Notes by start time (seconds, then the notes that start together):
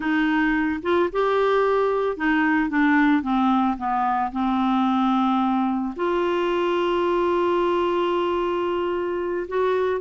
0.00 D#4
0.82 F4
1.12 G4
2.16 D#4
2.69 D4
3.22 C4
3.77 B3
4.32 C4
5.96 F4
9.47 F#4